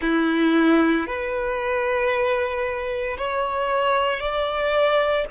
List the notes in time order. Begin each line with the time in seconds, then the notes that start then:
0.01 E4
1.06 B4
3.17 C#5
4.20 D5